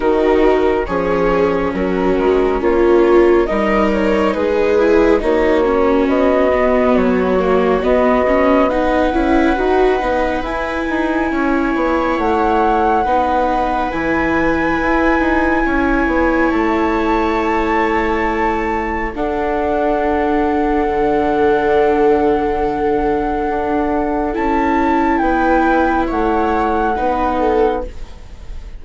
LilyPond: <<
  \new Staff \with { instrumentName = "flute" } { \time 4/4 \tempo 4 = 69 ais'4 cis''4 ais'4 cis''4 | dis''8 cis''8 b'4 cis''4 dis''4 | cis''4 dis''4 fis''2 | gis''2 fis''2 |
gis''2. a''4~ | a''2 fis''2~ | fis''1 | a''4 g''4 fis''2 | }
  \new Staff \with { instrumentName = "viola" } { \time 4/4 fis'4 gis'4 fis'4 f'4 | ais'4 gis'4 fis'2~ | fis'2 b'2~ | b'4 cis''2 b'4~ |
b'2 cis''2~ | cis''2 a'2~ | a'1~ | a'4 b'4 cis''4 b'8 a'8 | }
  \new Staff \with { instrumentName = "viola" } { \time 4/4 dis'4 cis'2. | dis'4. e'8 dis'8 cis'4 b8~ | b8 ais8 b8 cis'8 dis'8 e'8 fis'8 dis'8 | e'2. dis'4 |
e'1~ | e'2 d'2~ | d'1 | e'2. dis'4 | }
  \new Staff \with { instrumentName = "bassoon" } { \time 4/4 dis4 f4 fis8 gis8 ais4 | g4 gis4 ais4 b4 | fis4 b4. cis'8 dis'8 b8 | e'8 dis'8 cis'8 b8 a4 b4 |
e4 e'8 dis'8 cis'8 b8 a4~ | a2 d'2 | d2. d'4 | cis'4 b4 a4 b4 | }
>>